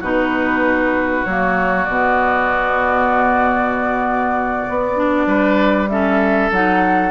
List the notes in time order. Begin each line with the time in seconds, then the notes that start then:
0.00 B2 D#4 F#4 B4
1.25 F#3 A#3 C#5
1.85 B2 B3 D5
4.69 B3
4.95 D4
5.26 G3 B4
5.89 C#4 A4 E5
6.51 F#3 D#4 F#5